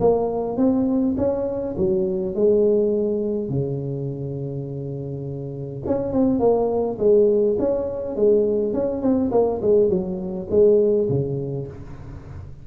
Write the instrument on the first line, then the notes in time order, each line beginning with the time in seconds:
tuba
0.00 A#3
0.57 C4
1.17 C#4
1.77 F#3
2.35 G#3
3.49 C#3
5.86 C#4
6.12 C4
6.39 A#3
6.98 G#3
7.59 C#4
8.16 G#3
8.73 C#4
9.01 C4
9.31 A#3
9.61 G#3
9.89 F#3
10.50 G#3
11.08 C#3